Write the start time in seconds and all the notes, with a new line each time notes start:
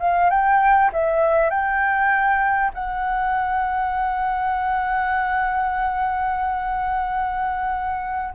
0.00 F5
0.30 G5
0.93 E5
1.50 G5
2.74 F#5